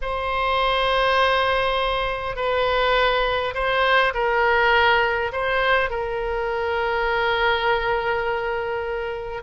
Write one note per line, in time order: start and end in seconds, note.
0.01 2.36 C5
2.36 3.53 B4
3.54 4.13 C5
4.14 5.31 A#4
5.32 5.90 C5
5.90 9.43 A#4